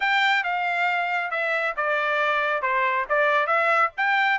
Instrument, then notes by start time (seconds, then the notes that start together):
trumpet
0.00 G5
0.43 F5
1.30 E5
1.76 D5
2.62 C5
3.09 D5
3.46 E5
3.97 G5